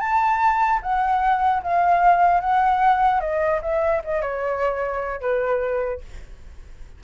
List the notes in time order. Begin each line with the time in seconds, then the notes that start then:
0.00 A5
0.82 F#5
1.63 F5
2.40 F#5
3.20 D#5
3.62 E5
4.04 D#5
4.21 C#5
5.21 B4